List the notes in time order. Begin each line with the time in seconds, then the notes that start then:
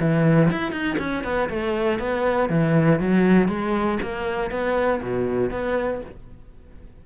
0.00 E3
0.51 E4
0.72 D#4
0.99 C#4
1.24 B3
1.50 A3
1.99 B3
2.49 E3
3.00 F#3
3.48 G#3
4.02 A#3
4.51 B3
5.02 B2
5.51 B3